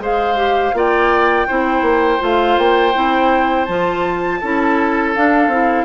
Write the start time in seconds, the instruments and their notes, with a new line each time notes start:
0.00 bassoon G#3, clarinet G#4, oboe C5, flute F5
0.36 clarinet G4
0.73 bassoon A#3, clarinet F4, oboe D5, flute G5
1.48 bassoon C4, clarinet E4, oboe C5
1.82 bassoon A#3
2.19 bassoon A3, clarinet F4, flute F5
2.58 bassoon A#3, flute G5
2.94 bassoon C4, clarinet E4
3.66 bassoon F3, clarinet F4, flute A5
4.41 bassoon C#4, clarinet E4, oboe A4
5.15 clarinet D4, bassoon D4, flute F5
5.48 bassoon C4, clarinet E4